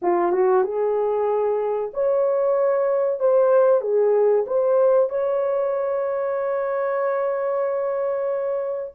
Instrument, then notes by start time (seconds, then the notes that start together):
horn
0.02 F4
0.32 F#4
0.63 G#4
1.93 C#5
3.19 C5
3.81 G#4
4.47 C5
5.09 C#5